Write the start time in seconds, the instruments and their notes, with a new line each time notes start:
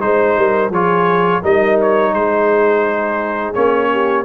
0.00 tuba G#3, trombone D#4, trumpet C5, horn C5
0.37 tuba G3, horn A#4
0.70 tuba F3, trombone F4, horn G#4, trumpet C#5
1.42 tuba G3, trombone D#4, horn A#4, trumpet D#5
1.81 trumpet C#5
2.14 tuba G#3, horn G#4, trumpet C5
3.54 tuba A#3, trombone C#4, trumpet C#5
3.92 horn G4